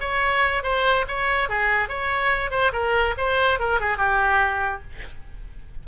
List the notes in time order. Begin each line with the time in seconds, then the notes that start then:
0.00 C#5
0.63 C5
1.08 C#5
1.49 G#4
1.89 C#5
2.51 C5
2.73 A#4
3.17 C5
3.60 A#4
3.80 G#4
3.98 G4